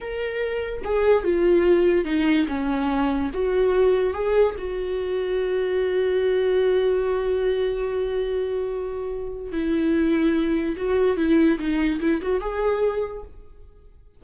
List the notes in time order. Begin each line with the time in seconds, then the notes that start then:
0.00 A#4
0.84 G#4
1.24 F4
2.04 D#4
2.48 C#4
3.33 F#4
4.13 G#4
4.57 F#4
9.52 E4
10.76 F#4
11.16 E4
11.58 D#4
12.00 E4
12.22 F#4
12.40 G#4